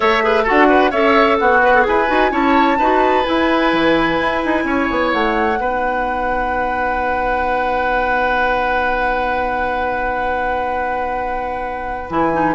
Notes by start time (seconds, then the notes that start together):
0.00 A3 A4 C#5 E5
0.22 G#4 B4
0.43 F#4 A4 F#5
0.50 D4
0.69 B4
0.90 C#4 A4 C#5 E5
1.38 B3 F#4 F#5
1.63 B4
1.74 A4
1.82 E4 G#4 B4 G#5
2.08 D#4 F#4
2.30 C#4 E4 C#5 A5
2.78 D#4 F#4 B4
3.25 E4 G#5
3.72 E3
4.20 E4
4.45 D#4
4.64 C#4 C#5
4.90 B3
5.12 A3 F#5
5.57 B3 D#4 B4
12.09 E3 E4 G#5
12.33 D#4